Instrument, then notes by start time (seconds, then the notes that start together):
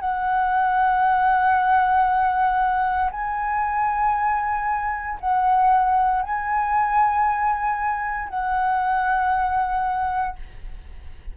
flute
0.00 F#5
3.11 G#5
5.21 F#5
6.23 G#5
8.29 F#5